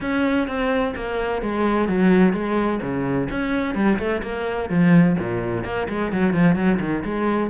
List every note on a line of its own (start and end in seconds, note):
0.00 0.47 C#4
0.47 0.94 C4
0.95 1.41 A#3
1.41 1.88 G#3
1.88 2.33 F#3
2.33 2.80 G#3
2.81 3.28 C#3
3.30 3.74 C#4
3.74 3.98 G3
3.98 4.22 A3
4.22 4.69 A#3
4.69 5.16 F3
5.19 5.64 A#2
5.64 5.87 A#3
5.88 6.12 G#3
6.12 6.33 F#3
6.33 6.55 F3
6.55 6.79 F#3
6.80 7.03 D#3
7.04 7.50 G#3